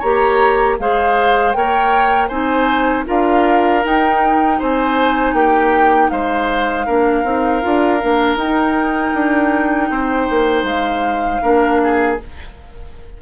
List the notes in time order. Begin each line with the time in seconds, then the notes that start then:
0.00 A#3 G4 C#5 A#5
0.79 G#3 G#4 C5 F5
1.52 A#3 A#4 C#5 G5
2.28 C4 D#4 C5 G#5
3.06 D4 F4 A#4 F5
3.84 D#4 G5
4.59 C4 C5 G#5
5.34 A#3 G4 G5
6.10 G#3 C5 F5
6.86 A#3 D4 A#4
7.24 C4 D#4
7.62 D4 F4
8.00 A#3 D4
8.36 D#4 G5
8.42 D#4
9.14 D4
9.90 C4 C5
10.30 A#3
10.64 G#3 F5
11.42 A#3 D4 A#4
11.84 G#4